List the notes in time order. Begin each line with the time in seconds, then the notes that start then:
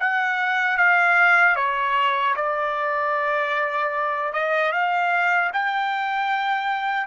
0.00 F#5
0.78 F5
1.56 C#5
2.36 D5
4.33 D#5
4.72 F5
5.53 G5